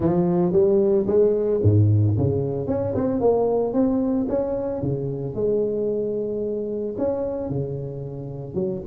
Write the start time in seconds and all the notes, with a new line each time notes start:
0.00 F3
0.52 G3
1.06 G#3
1.62 G#2
2.17 C#3
2.67 C#4
2.95 C4
3.20 A#3
3.73 C4
4.28 C#4
4.81 C#3
5.34 G#3
6.98 C#4
7.49 C#3
8.54 F#3